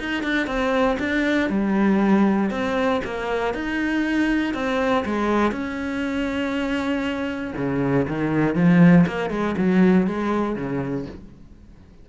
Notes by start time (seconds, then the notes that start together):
0.00 D#4
0.24 D4
0.47 C4
1.00 D4
1.50 G3
2.51 C4
3.05 A#3
3.55 D#4
4.55 C4
5.06 G#3
5.52 C#4
7.57 C#3
8.08 D#3
8.56 F3
9.07 A#3
9.30 G#3
9.58 F#3
10.07 G#3
10.56 C#3